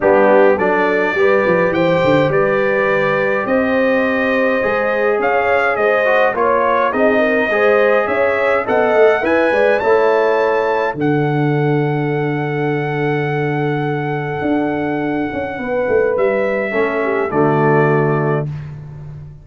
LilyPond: <<
  \new Staff \with { instrumentName = "trumpet" } { \time 4/4 \tempo 4 = 104 g'4 d''2 g''4 | d''2 dis''2~ | dis''4 f''4 dis''4 cis''4 | dis''2 e''4 fis''4 |
gis''4 a''2 fis''4~ | fis''1~ | fis''1 | e''2 d''2 | }
  \new Staff \with { instrumentName = "horn" } { \time 4/4 d'4 a'4 b'4 c''4 | b'2 c''2~ | c''4 cis''4 c''4 cis''4 | gis'8 ais'8 c''4 cis''4 dis''4 |
e''8 d''8 cis''2 a'4~ | a'1~ | a'2. b'4~ | b'4 a'8 g'8 fis'2 | }
  \new Staff \with { instrumentName = "trombone" } { \time 4/4 b4 d'4 g'2~ | g'1 | gis'2~ gis'8 fis'8 f'4 | dis'4 gis'2 a'4 |
b'4 e'2 d'4~ | d'1~ | d'1~ | d'4 cis'4 a2 | }
  \new Staff \with { instrumentName = "tuba" } { \time 4/4 g4 fis4 g8 f8 e8 d8 | g2 c'2 | gis4 cis'4 gis4 ais4 | c'4 gis4 cis'4 b8 a8 |
e'8 gis8 a2 d4~ | d1~ | d4 d'4. cis'8 b8 a8 | g4 a4 d2 | }
>>